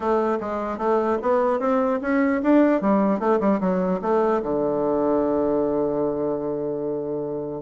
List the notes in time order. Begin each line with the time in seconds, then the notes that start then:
0.00 A3
0.40 G#3
0.78 A3
1.21 B3
1.59 C4
2.01 C#4
2.42 D4
2.81 G3
3.19 A3
3.40 G3
3.60 F#3
4.01 A3
4.42 D3